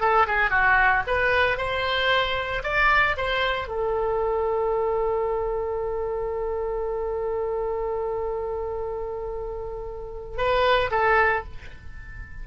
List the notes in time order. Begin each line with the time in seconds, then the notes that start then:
0.00 A4
0.27 G#4
0.50 F#4
1.07 B4
1.57 C5
2.63 D5
3.17 C5
3.68 A4
10.37 B4
10.91 A4